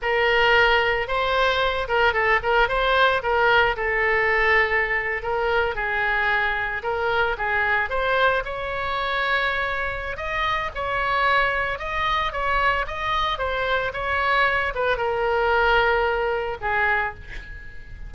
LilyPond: \new Staff \with { instrumentName = "oboe" } { \time 4/4 \tempo 4 = 112 ais'2 c''4. ais'8 | a'8 ais'8 c''4 ais'4 a'4~ | a'4.~ a'16 ais'4 gis'4~ gis'16~ | gis'8. ais'4 gis'4 c''4 cis''16~ |
cis''2. dis''4 | cis''2 dis''4 cis''4 | dis''4 c''4 cis''4. b'8 | ais'2. gis'4 | }